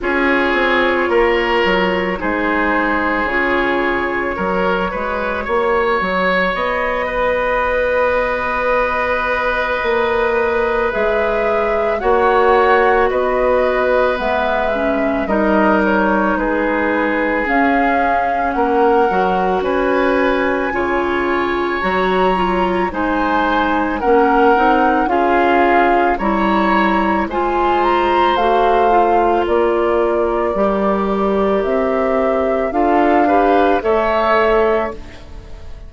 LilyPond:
<<
  \new Staff \with { instrumentName = "flute" } { \time 4/4 \tempo 4 = 55 cis''2 c''4 cis''4~ | cis''2 dis''2~ | dis''2 e''4 fis''4 | dis''4 e''4 dis''8 cis''8 b'4 |
f''4 fis''4 gis''2 | ais''4 gis''4 fis''4 f''4 | ais''4 gis''8 ais''8 f''4 d''4~ | d''4 e''4 f''4 e''4 | }
  \new Staff \with { instrumentName = "oboe" } { \time 4/4 gis'4 ais'4 gis'2 | ais'8 b'8 cis''4. b'4.~ | b'2. cis''4 | b'2 ais'4 gis'4~ |
gis'4 ais'4 b'4 cis''4~ | cis''4 c''4 ais'4 gis'4 | cis''4 c''2 ais'4~ | ais'2 a'8 b'8 cis''4 | }
  \new Staff \with { instrumentName = "clarinet" } { \time 4/4 f'2 dis'4 f'4 | fis'1~ | fis'2 gis'4 fis'4~ | fis'4 b8 cis'8 dis'2 |
cis'4. fis'4. f'4 | fis'8 f'8 dis'4 cis'8 dis'8 f'4 | e'4 f'4 fis'8 f'4. | g'2 f'8 g'8 a'4 | }
  \new Staff \with { instrumentName = "bassoon" } { \time 4/4 cis'8 c'8 ais8 fis8 gis4 cis4 | fis8 gis8 ais8 fis8 b2~ | b4 ais4 gis4 ais4 | b4 gis4 g4 gis4 |
cis'4 ais8 fis8 cis'4 cis4 | fis4 gis4 ais8 c'8 cis'4 | g4 gis4 a4 ais4 | g4 c'4 d'4 a4 | }
>>